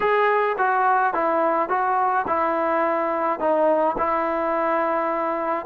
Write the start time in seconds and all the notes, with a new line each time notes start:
0.00 G#4
0.58 F#4
1.13 E4
1.69 F#4
2.27 E4
3.39 D#4
3.98 E4